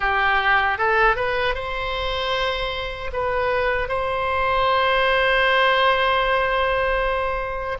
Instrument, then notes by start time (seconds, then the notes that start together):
oboe
0.00 G4
0.78 A4
1.15 B4
1.54 C5
3.12 B4
3.88 C5